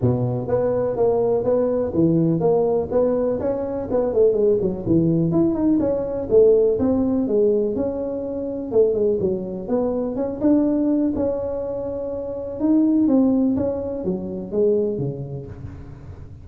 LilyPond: \new Staff \with { instrumentName = "tuba" } { \time 4/4 \tempo 4 = 124 b,4 b4 ais4 b4 | e4 ais4 b4 cis'4 | b8 a8 gis8 fis8 e4 e'8 dis'8 | cis'4 a4 c'4 gis4 |
cis'2 a8 gis8 fis4 | b4 cis'8 d'4. cis'4~ | cis'2 dis'4 c'4 | cis'4 fis4 gis4 cis4 | }